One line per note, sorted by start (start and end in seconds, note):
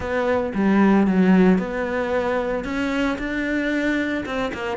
0.00 0.52 B3
0.54 1.07 G3
1.07 1.58 F#3
1.58 2.64 B3
2.64 3.17 C#4
3.18 4.24 D4
4.25 4.52 C4
4.53 4.77 A#3